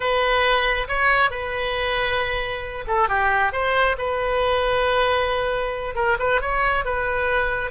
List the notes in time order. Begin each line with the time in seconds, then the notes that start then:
0.00 B4
0.88 C#5
1.30 B4
2.87 A4
3.08 G4
3.52 C5
3.97 B4
5.95 A#4
6.19 B4
6.41 C#5
6.84 B4